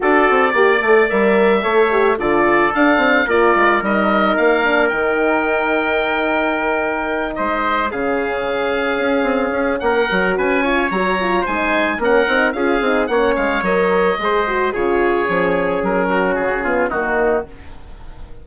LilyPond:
<<
  \new Staff \with { instrumentName = "oboe" } { \time 4/4 \tempo 4 = 110 d''2 e''2 | d''4 f''4 d''4 dis''4 | f''4 g''2.~ | g''4. dis''4 f''4.~ |
f''2 fis''4 gis''4 | ais''4 gis''4 fis''4 f''4 | fis''8 f''8 dis''2 cis''4~ | cis''4 ais'4 gis'4 fis'4 | }
  \new Staff \with { instrumentName = "trumpet" } { \time 4/4 a'4 d''2 cis''4 | a'2 ais'2~ | ais'1~ | ais'4. c''4 gis'4.~ |
gis'2 ais'4 b'8 cis''8~ | cis''4 c''4 ais'4 gis'4 | cis''2 c''4 gis'4~ | gis'4. fis'4 f'8 dis'4 | }
  \new Staff \with { instrumentName = "horn" } { \time 4/4 fis'4 g'8 a'8 ais'4 a'8 g'8 | f'4 d'4 f'4 dis'4~ | dis'8 d'8 dis'2.~ | dis'2~ dis'8 cis'4.~ |
cis'2~ cis'8 fis'4 f'8 | fis'8 f'8 dis'4 cis'8 dis'8 f'8 dis'8 | cis'4 ais'4 gis'8 fis'8 f'4 | cis'2~ cis'8 b8 ais4 | }
  \new Staff \with { instrumentName = "bassoon" } { \time 4/4 d'8 c'8 ais8 a8 g4 a4 | d4 d'8 c'8 ais8 gis8 g4 | ais4 dis2.~ | dis4. gis4 cis4.~ |
cis8 cis'8 c'8 cis'8 ais8 fis8 cis'4 | fis4 gis4 ais8 c'8 cis'8 c'8 | ais8 gis8 fis4 gis4 cis4 | f4 fis4 cis4 dis4 | }
>>